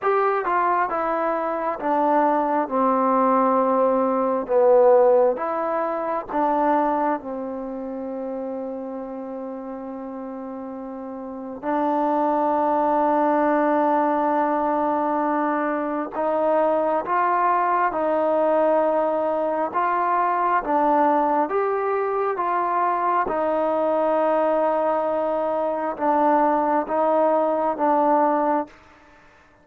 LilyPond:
\new Staff \with { instrumentName = "trombone" } { \time 4/4 \tempo 4 = 67 g'8 f'8 e'4 d'4 c'4~ | c'4 b4 e'4 d'4 | c'1~ | c'4 d'2.~ |
d'2 dis'4 f'4 | dis'2 f'4 d'4 | g'4 f'4 dis'2~ | dis'4 d'4 dis'4 d'4 | }